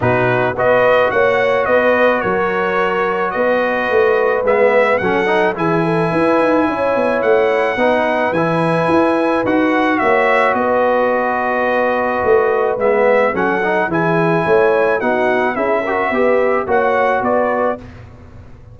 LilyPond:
<<
  \new Staff \with { instrumentName = "trumpet" } { \time 4/4 \tempo 4 = 108 b'4 dis''4 fis''4 dis''4 | cis''2 dis''2 | e''4 fis''4 gis''2~ | gis''4 fis''2 gis''4~ |
gis''4 fis''4 e''4 dis''4~ | dis''2. e''4 | fis''4 gis''2 fis''4 | e''2 fis''4 d''4 | }
  \new Staff \with { instrumentName = "horn" } { \time 4/4 fis'4 b'4 cis''4 b'4 | ais'2 b'2~ | b'4 a'4 gis'8 a'8 b'4 | cis''2 b'2~ |
b'2 cis''4 b'4~ | b'1 | a'4 gis'4 cis''4 fis'4 | gis'8 ais'8 b'4 cis''4 b'4 | }
  \new Staff \with { instrumentName = "trombone" } { \time 4/4 dis'4 fis'2.~ | fis'1 | b4 cis'8 dis'8 e'2~ | e'2 dis'4 e'4~ |
e'4 fis'2.~ | fis'2. b4 | cis'8 dis'8 e'2 dis'4 | e'8 fis'8 g'4 fis'2 | }
  \new Staff \with { instrumentName = "tuba" } { \time 4/4 b,4 b4 ais4 b4 | fis2 b4 a4 | gis4 fis4 e4 e'8 dis'8 | cis'8 b8 a4 b4 e4 |
e'4 dis'4 ais4 b4~ | b2 a4 gis4 | fis4 e4 a4 b4 | cis'4 b4 ais4 b4 | }
>>